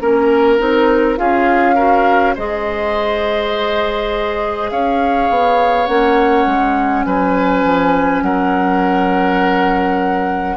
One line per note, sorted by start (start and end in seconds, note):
0.00 0.59 A#3
0.00 0.58 C#4
0.00 1.18 A#4
0.58 1.19 C4
0.58 1.16 D#4
1.16 2.37 C#4
1.16 1.75 F4
1.16 1.75 G#4
1.16 2.35 F5
1.75 2.35 F#4
1.75 2.34 A#4
2.35 4.71 G#3
2.35 5.87 G#4
2.35 4.70 C5
2.35 4.70 D#5
4.70 5.29 C#4
4.70 7.06 C#5
4.70 5.87 F5
5.29 5.88 B3
5.87 6.46 A#3
5.87 10.56 C#4
5.87 7.04 F#5
6.46 7.05 G#3
7.05 7.64 F#3
7.05 8.23 B4
7.05 8.22 G#5
7.64 8.22 F3
8.22 10.56 F#3
8.22 10.56 A#4
8.22 10.56 F#5